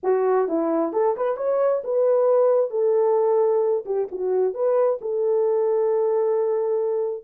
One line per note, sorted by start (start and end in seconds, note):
0.03 0.48 F#4
0.48 0.92 E4
0.92 1.15 A4
1.17 1.37 B4
1.37 1.82 C#5
1.83 2.70 B4
2.70 3.84 A4
3.85 4.08 G4
4.11 4.53 F#4
4.53 4.99 B4
5.01 7.24 A4